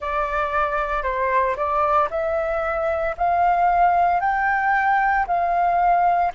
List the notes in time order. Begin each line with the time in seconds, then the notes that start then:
0.00 D5
1.02 C5
1.56 D5
2.10 E5
3.17 F5
4.20 G5
5.27 F5